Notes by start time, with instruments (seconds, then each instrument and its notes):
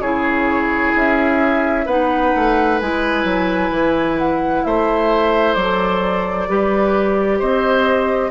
0.00 bassoon C#3, clarinet E4, oboe G#4, flute C#5
0.95 bassoon C#4, flute E5
1.86 bassoon B3, clarinet D#4, oboe B4, flute F#5
2.36 bassoon A3
2.81 bassoon G#3, clarinet E4, flute G#5
3.24 bassoon F#3
3.70 bassoon E3
4.18 flute F#5
4.64 bassoon A3, oboe C5, flute E5
5.54 bassoon F#3, clarinet A4, flute D5
6.49 bassoon G3, clarinet G4, oboe B4
7.39 bassoon C4, oboe C5, flute D#5